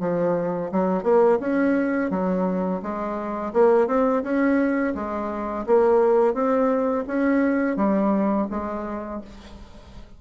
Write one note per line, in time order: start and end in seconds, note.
0.00 0.71 F3
0.72 1.04 F#3
1.04 1.39 A#3
1.40 2.10 C#4
2.10 2.81 F#3
2.82 3.53 G#3
3.53 3.88 A#3
3.88 4.23 C4
4.24 4.94 C#4
4.95 5.66 G#3
5.66 6.34 A#3
6.34 7.05 C4
7.07 7.76 C#4
7.76 8.47 G3
8.51 9.21 G#3